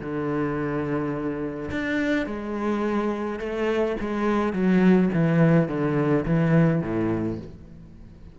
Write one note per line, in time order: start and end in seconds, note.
0.00 1.70 D3
1.71 2.26 D4
2.26 3.39 G#3
3.39 3.96 A3
4.00 4.53 G#3
4.53 5.09 F#3
5.13 5.68 E3
5.68 6.24 D3
6.25 6.81 E3
6.81 7.38 A2